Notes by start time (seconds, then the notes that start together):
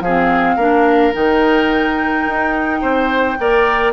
0.00 F3 G#4 F5
0.06 C4
0.55 A#3 D4 A#4
1.12 D#3 D#4 G5
2.26 D#4
2.81 C4 C5
3.38 A#3 A#4 D5